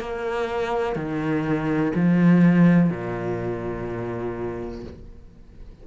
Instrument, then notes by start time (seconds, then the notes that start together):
cello
0.00 A#3
0.96 D#3
1.95 F3
2.90 A#2